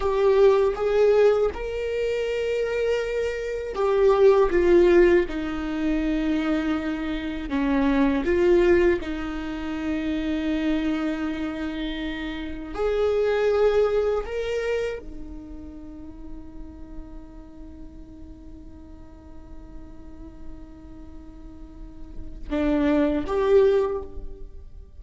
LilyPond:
\new Staff \with { instrumentName = "viola" } { \time 4/4 \tempo 4 = 80 g'4 gis'4 ais'2~ | ais'4 g'4 f'4 dis'4~ | dis'2 cis'4 f'4 | dis'1~ |
dis'4 gis'2 ais'4 | dis'1~ | dis'1~ | dis'2 d'4 g'4 | }